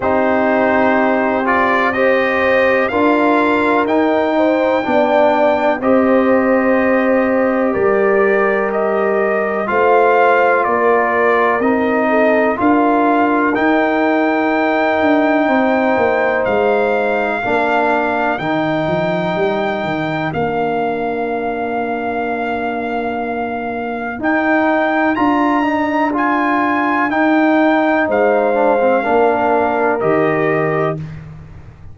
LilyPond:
<<
  \new Staff \with { instrumentName = "trumpet" } { \time 4/4 \tempo 4 = 62 c''4. d''8 dis''4 f''4 | g''2 dis''2 | d''4 dis''4 f''4 d''4 | dis''4 f''4 g''2~ |
g''4 f''2 g''4~ | g''4 f''2.~ | f''4 g''4 ais''4 gis''4 | g''4 f''2 dis''4 | }
  \new Staff \with { instrumentName = "horn" } { \time 4/4 g'2 c''4 ais'4~ | ais'8 c''8 d''4 c''2 | ais'2 c''4 ais'4~ | ais'8 a'8 ais'2. |
c''2 ais'2~ | ais'1~ | ais'1~ | ais'4 c''4 ais'2 | }
  \new Staff \with { instrumentName = "trombone" } { \time 4/4 dis'4. f'8 g'4 f'4 | dis'4 d'4 g'2~ | g'2 f'2 | dis'4 f'4 dis'2~ |
dis'2 d'4 dis'4~ | dis'4 d'2.~ | d'4 dis'4 f'8 dis'8 f'4 | dis'4. d'16 c'16 d'4 g'4 | }
  \new Staff \with { instrumentName = "tuba" } { \time 4/4 c'2. d'4 | dis'4 b4 c'2 | g2 a4 ais4 | c'4 d'4 dis'4. d'8 |
c'8 ais8 gis4 ais4 dis8 f8 | g8 dis8 ais2.~ | ais4 dis'4 d'2 | dis'4 gis4 ais4 dis4 | }
>>